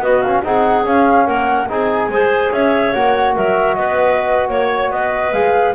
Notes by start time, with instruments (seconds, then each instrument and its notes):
0.00 double bass B3, trombone B3, clarinet F#4, flute D#5
0.22 trombone C#4, flute F5
0.44 double bass C4, trombone D#4, clarinet G#4, flute F#5
0.84 trombone C#4, double bass C#4, flute F5
1.26 double bass A#3, clarinet A#4, flute F#5
1.69 double bass C4, trombone D#4, clarinet G#4, flute G#5
2.09 double bass G#3, trombone G#4, clarinet C5
2.52 double bass C#4, clarinet C#5, flute E5
2.94 double bass A#3, trombone F#4, flute F#5
3.36 double bass F#3, clarinet A#4, flute E5
3.75 double bass B3, clarinet B4, flute D#5
4.49 double bass A#3, clarinet C#5, flute C#5
4.91 double bass B3, clarinet B4, flute D#5
5.33 double bass G#3, trombone G#4, flute F5